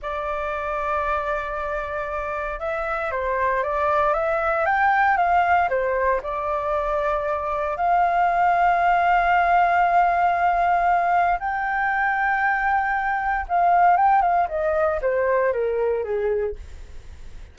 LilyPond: \new Staff \with { instrumentName = "flute" } { \time 4/4 \tempo 4 = 116 d''1~ | d''4 e''4 c''4 d''4 | e''4 g''4 f''4 c''4 | d''2. f''4~ |
f''1~ | f''2 g''2~ | g''2 f''4 g''8 f''8 | dis''4 c''4 ais'4 gis'4 | }